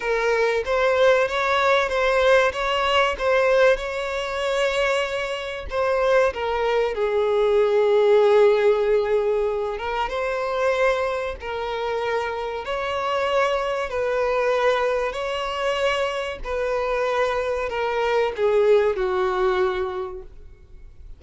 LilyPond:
\new Staff \with { instrumentName = "violin" } { \time 4/4 \tempo 4 = 95 ais'4 c''4 cis''4 c''4 | cis''4 c''4 cis''2~ | cis''4 c''4 ais'4 gis'4~ | gis'2.~ gis'8 ais'8 |
c''2 ais'2 | cis''2 b'2 | cis''2 b'2 | ais'4 gis'4 fis'2 | }